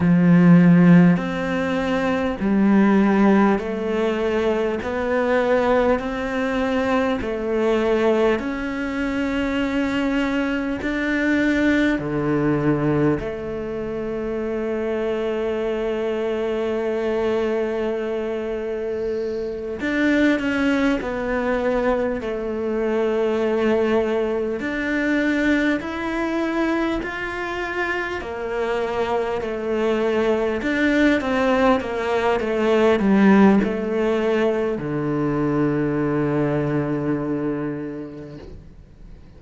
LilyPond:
\new Staff \with { instrumentName = "cello" } { \time 4/4 \tempo 4 = 50 f4 c'4 g4 a4 | b4 c'4 a4 cis'4~ | cis'4 d'4 d4 a4~ | a1~ |
a8 d'8 cis'8 b4 a4.~ | a8 d'4 e'4 f'4 ais8~ | ais8 a4 d'8 c'8 ais8 a8 g8 | a4 d2. | }